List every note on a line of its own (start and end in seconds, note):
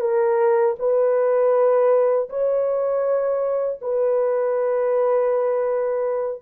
0.00 0.75 A#4
0.79 2.29 B4
2.29 3.79 C#5
3.81 6.42 B4